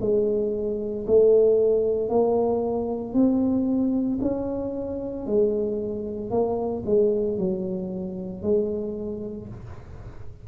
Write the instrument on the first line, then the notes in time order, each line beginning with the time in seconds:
tuba
0.00 G#3
1.06 A3
2.09 A#3
3.13 C4
4.21 C#4
5.26 G#3
6.30 A#3
6.85 G#3
7.38 F#3
8.42 G#3